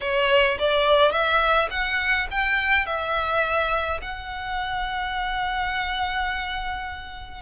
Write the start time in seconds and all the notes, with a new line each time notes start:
0.01 C#5
0.58 D5
1.11 E5
1.70 F#5
2.30 G5
2.86 E5
4.01 F#5